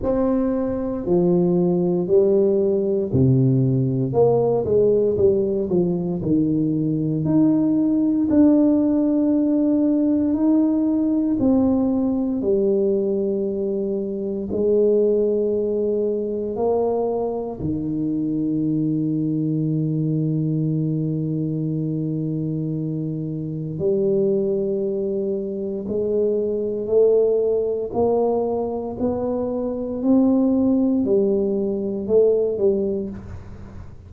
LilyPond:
\new Staff \with { instrumentName = "tuba" } { \time 4/4 \tempo 4 = 58 c'4 f4 g4 c4 | ais8 gis8 g8 f8 dis4 dis'4 | d'2 dis'4 c'4 | g2 gis2 |
ais4 dis2.~ | dis2. g4~ | g4 gis4 a4 ais4 | b4 c'4 g4 a8 g8 | }